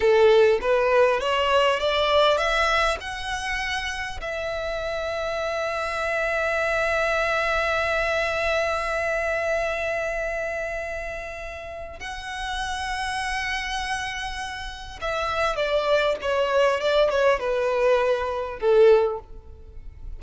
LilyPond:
\new Staff \with { instrumentName = "violin" } { \time 4/4 \tempo 4 = 100 a'4 b'4 cis''4 d''4 | e''4 fis''2 e''4~ | e''1~ | e''1~ |
e''1 | fis''1~ | fis''4 e''4 d''4 cis''4 | d''8 cis''8 b'2 a'4 | }